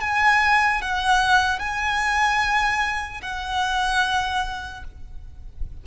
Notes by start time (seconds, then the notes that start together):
0.00 G#5
0.81 F#5
1.59 G#5
3.21 F#5